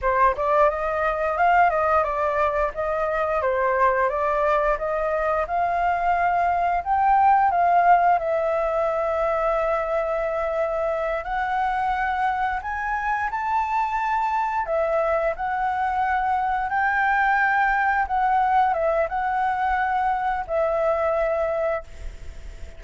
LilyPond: \new Staff \with { instrumentName = "flute" } { \time 4/4 \tempo 4 = 88 c''8 d''8 dis''4 f''8 dis''8 d''4 | dis''4 c''4 d''4 dis''4 | f''2 g''4 f''4 | e''1~ |
e''8 fis''2 gis''4 a''8~ | a''4. e''4 fis''4.~ | fis''8 g''2 fis''4 e''8 | fis''2 e''2 | }